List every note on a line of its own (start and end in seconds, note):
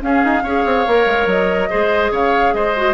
0.00 0.42 C#4
0.00 0.23 C#4
0.00 0.43 G#4
0.00 1.28 F5
0.24 0.43 D#4
0.43 0.64 C#4
0.43 0.87 G#4
0.43 1.69 C#5
0.65 0.86 C4
0.87 1.06 A#3
0.87 1.70 A#4
1.06 1.26 G#3
1.26 1.68 F#3
1.26 2.12 D#5
1.70 2.11 G#3
1.70 2.75 G#4
1.70 2.11 C5
2.11 2.53 C#3
2.11 2.53 C#5
2.11 2.54 F5
2.54 2.94 G#3
2.54 2.94 C5
2.54 2.94 D#5
2.76 2.94 F#4